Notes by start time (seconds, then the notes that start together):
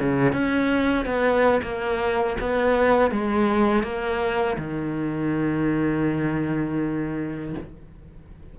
0.00 C#3
0.33 C#4
1.05 B3
1.63 A#3
2.40 B3
3.11 G#3
3.83 A#3
4.58 D#3